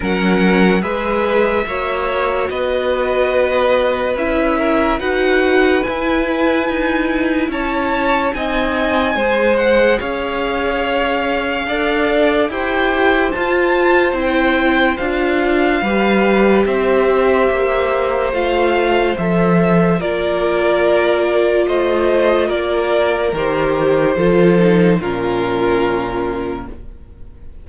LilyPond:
<<
  \new Staff \with { instrumentName = "violin" } { \time 4/4 \tempo 4 = 72 fis''4 e''2 dis''4~ | dis''4 e''4 fis''4 gis''4~ | gis''4 a''4 gis''4. fis''8 | f''2. g''4 |
a''4 g''4 f''2 | e''2 f''4 e''4 | d''2 dis''4 d''4 | c''2 ais'2 | }
  \new Staff \with { instrumentName = "violin" } { \time 4/4 ais'4 b'4 cis''4 b'4~ | b'4. ais'8 b'2~ | b'4 cis''4 dis''4 c''4 | cis''2 d''4 c''4~ |
c''2. b'4 | c''1 | ais'2 c''4 ais'4~ | ais'4 a'4 f'2 | }
  \new Staff \with { instrumentName = "viola" } { \time 4/4 cis'4 gis'4 fis'2~ | fis'4 e'4 fis'4 e'4~ | e'2 dis'4 gis'4~ | gis'2 a'4 g'4 |
f'4 e'4 f'4 g'4~ | g'2 f'4 a'4 | f'1 | g'4 f'8 dis'8 cis'2 | }
  \new Staff \with { instrumentName = "cello" } { \time 4/4 fis4 gis4 ais4 b4~ | b4 cis'4 dis'4 e'4 | dis'4 cis'4 c'4 gis4 | cis'2 d'4 e'4 |
f'4 c'4 d'4 g4 | c'4 ais4 a4 f4 | ais2 a4 ais4 | dis4 f4 ais,2 | }
>>